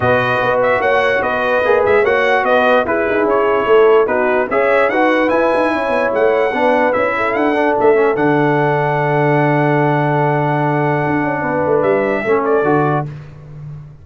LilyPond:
<<
  \new Staff \with { instrumentName = "trumpet" } { \time 4/4 \tempo 4 = 147 dis''4. e''8 fis''4 dis''4~ | dis''8 e''8 fis''4 dis''4 b'4 | cis''2 b'4 e''4 | fis''4 gis''2 fis''4~ |
fis''4 e''4 fis''4 e''4 | fis''1~ | fis''1~ | fis''4 e''4. d''4. | }
  \new Staff \with { instrumentName = "horn" } { \time 4/4 b'2 cis''4 b'4~ | b'4 cis''4 b'4 gis'4~ | gis'4 a'4 fis'4 cis''4 | b'2 cis''2 |
b'4. a'2~ a'8~ | a'1~ | a'1 | b'2 a'2 | }
  \new Staff \with { instrumentName = "trombone" } { \time 4/4 fis'1 | gis'4 fis'2 e'4~ | e'2 dis'4 gis'4 | fis'4 e'2. |
d'4 e'4. d'4 cis'8 | d'1~ | d'1~ | d'2 cis'4 fis'4 | }
  \new Staff \with { instrumentName = "tuba" } { \time 4/4 b,4 b4 ais4 b4 | ais8 gis8 ais4 b4 e'8 dis'8 | cis'4 a4 b4 cis'4 | dis'4 e'8 dis'8 cis'8 b8 a4 |
b4 cis'4 d'4 a4 | d1~ | d2. d'8 cis'8 | b8 a8 g4 a4 d4 | }
>>